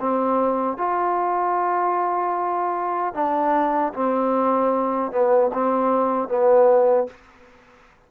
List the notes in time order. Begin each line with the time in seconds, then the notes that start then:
0.00 C4
0.78 F4
3.14 D4
3.94 C4
5.12 B3
5.54 C4
6.29 B3